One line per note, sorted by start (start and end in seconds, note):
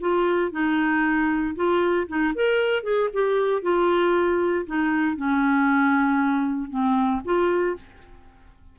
0.00 0.51 F4
0.51 1.55 D#4
1.55 2.07 F4
2.08 2.33 D#4
2.34 2.83 A#4
2.83 3.09 G#4
3.13 3.62 G4
3.62 4.65 F4
4.66 5.16 D#4
5.16 6.69 C#4
6.69 7.21 C4
7.24 7.76 F4